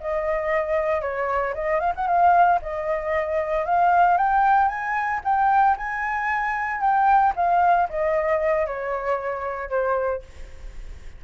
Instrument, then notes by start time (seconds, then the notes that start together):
flute
0.00 D#5
1.01 C#5
1.54 D#5
1.80 F5
1.95 F#5
2.07 F5
2.62 D#5
3.65 F5
4.17 G5
4.68 G#5
5.24 G5
5.77 G#5
6.81 G5
7.36 F5
7.89 D#5
8.67 C#5
9.70 C5